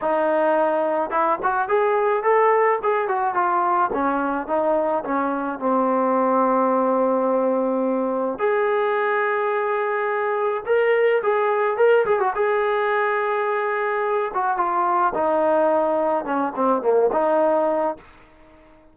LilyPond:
\new Staff \with { instrumentName = "trombone" } { \time 4/4 \tempo 4 = 107 dis'2 e'8 fis'8 gis'4 | a'4 gis'8 fis'8 f'4 cis'4 | dis'4 cis'4 c'2~ | c'2. gis'4~ |
gis'2. ais'4 | gis'4 ais'8 gis'16 fis'16 gis'2~ | gis'4. fis'8 f'4 dis'4~ | dis'4 cis'8 c'8 ais8 dis'4. | }